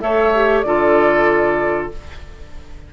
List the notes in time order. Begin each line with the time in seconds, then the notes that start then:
0.00 A3 A4 C#5 E5
0.34 G4
0.61 D3 F4 A4 D5